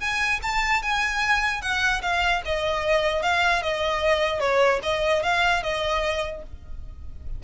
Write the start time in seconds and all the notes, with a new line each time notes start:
0.00 G#5
0.42 A5
0.82 G#5
1.61 F#5
2.02 F5
2.45 D#5
3.22 F5
3.62 D#5
4.40 C#5
4.83 D#5
5.23 F5
5.63 D#5